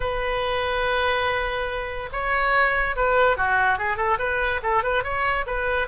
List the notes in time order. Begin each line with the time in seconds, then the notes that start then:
0.00 B4
2.12 C#5
2.96 B4
3.36 F#4
3.78 G#4
3.97 A4
4.18 B4
4.62 A4
4.83 B4
5.03 C#5
5.46 B4